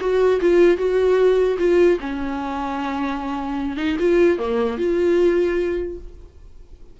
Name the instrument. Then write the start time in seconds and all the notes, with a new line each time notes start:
viola
0.00 F#4
0.41 F4
0.77 F#4
1.58 F4
2.00 C#4
3.77 D#4
3.99 F4
4.38 A#3
4.77 F4